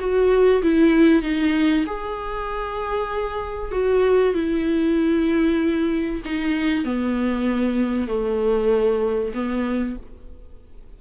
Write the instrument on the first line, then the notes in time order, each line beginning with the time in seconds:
viola
0.00 F#4
0.63 E4
1.23 D#4
1.87 G#4
3.72 F#4
4.35 E4
6.25 D#4
6.85 B3
8.08 A3
9.34 B3